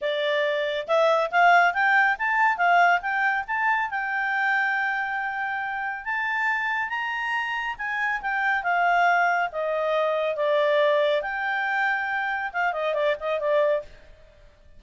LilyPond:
\new Staff \with { instrumentName = "clarinet" } { \time 4/4 \tempo 4 = 139 d''2 e''4 f''4 | g''4 a''4 f''4 g''4 | a''4 g''2.~ | g''2 a''2 |
ais''2 gis''4 g''4 | f''2 dis''2 | d''2 g''2~ | g''4 f''8 dis''8 d''8 dis''8 d''4 | }